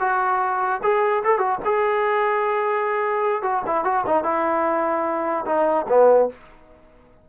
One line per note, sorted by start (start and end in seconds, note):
0.00 0.81 F#4
0.83 1.23 G#4
1.24 1.38 A4
1.38 1.58 F#4
1.64 3.42 G#4
3.42 3.62 F#4
3.66 3.84 E4
3.84 4.04 F#4
4.06 4.23 D#4
4.23 5.45 E4
5.45 5.86 D#4
5.88 6.29 B3